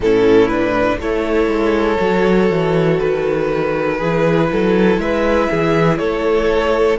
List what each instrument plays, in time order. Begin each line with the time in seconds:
0.00 cello A2, viola C#4, violin E4 A4
0.48 viola D4, violin B4
0.99 cello A3, viola E4, violin A4 C#5
1.47 cello G#3
1.98 cello F#3, viola F#4
2.50 cello E3
2.99 cello D#3, violin B4
3.98 cello E3, viola E4, violin G#4
4.51 cello F#3, violin A4
4.97 cello G#3, violin B4 E5
5.50 cello E3, violin G#4
5.98 cello A3, violin A4 C#5